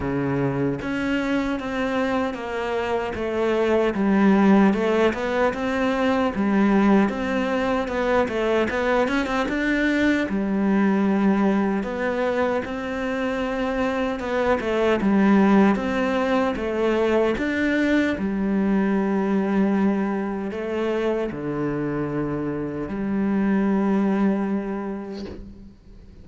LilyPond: \new Staff \with { instrumentName = "cello" } { \time 4/4 \tempo 4 = 76 cis4 cis'4 c'4 ais4 | a4 g4 a8 b8 c'4 | g4 c'4 b8 a8 b8 cis'16 c'16 | d'4 g2 b4 |
c'2 b8 a8 g4 | c'4 a4 d'4 g4~ | g2 a4 d4~ | d4 g2. | }